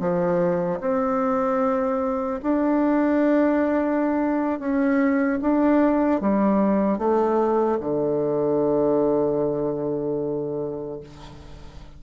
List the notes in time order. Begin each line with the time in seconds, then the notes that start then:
0.00 F3
0.81 C4
2.43 D4
4.60 C#4
5.41 D4
6.21 G3
6.99 A3
7.80 D3